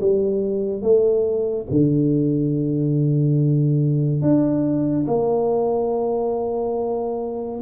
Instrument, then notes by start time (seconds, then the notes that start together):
tuba
0.00 G3
0.82 A3
1.70 D3
4.21 D4
5.07 A#3